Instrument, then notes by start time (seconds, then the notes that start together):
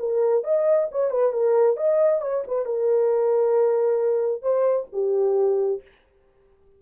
horn
0.00 A#4
0.44 D#5
0.92 C#5
1.11 B4
1.33 A#4
1.77 D#5
2.22 C#5
2.48 B4
2.66 A#4
4.43 C5
4.93 G4